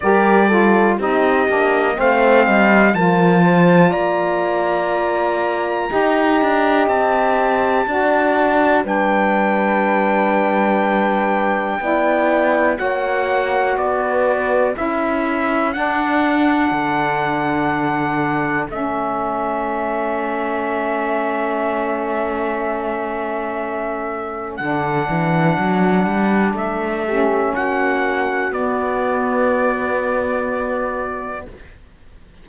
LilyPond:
<<
  \new Staff \with { instrumentName = "trumpet" } { \time 4/4 \tempo 4 = 61 d''4 dis''4 f''4 a''4 | ais''2. a''4~ | a''4 g''2.~ | g''4 fis''4 d''4 e''4 |
fis''2. e''4~ | e''1~ | e''4 fis''2 e''4 | fis''4 d''2. | }
  \new Staff \with { instrumentName = "horn" } { \time 4/4 ais'8 a'8 g'4 c''8 dis''8 ais'8 c''8 | d''2 dis''2 | d''4 b'2. | d''4 cis''4 b'4 a'4~ |
a'1~ | a'1~ | a'2.~ a'8 g'8 | fis'1 | }
  \new Staff \with { instrumentName = "saxophone" } { \time 4/4 g'8 f'8 dis'8 d'8 c'4 f'4~ | f'2 g'2 | fis'4 d'2. | e'4 fis'2 e'4 |
d'2. cis'4~ | cis'1~ | cis'4 d'2~ d'8 cis'8~ | cis'4 b2. | }
  \new Staff \with { instrumentName = "cello" } { \time 4/4 g4 c'8 ais8 a8 g8 f4 | ais2 dis'8 d'8 c'4 | d'4 g2. | b4 ais4 b4 cis'4 |
d'4 d2 a4~ | a1~ | a4 d8 e8 fis8 g8 a4 | ais4 b2. | }
>>